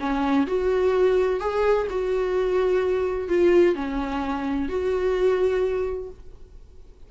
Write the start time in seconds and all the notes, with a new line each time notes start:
0.00 C#4
0.47 F#4
1.40 G#4
1.90 F#4
3.29 F4
3.75 C#4
4.69 F#4